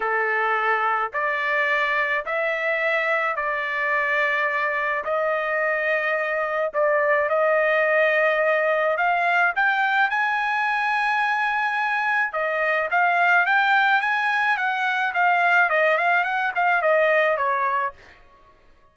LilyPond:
\new Staff \with { instrumentName = "trumpet" } { \time 4/4 \tempo 4 = 107 a'2 d''2 | e''2 d''2~ | d''4 dis''2. | d''4 dis''2. |
f''4 g''4 gis''2~ | gis''2 dis''4 f''4 | g''4 gis''4 fis''4 f''4 | dis''8 f''8 fis''8 f''8 dis''4 cis''4 | }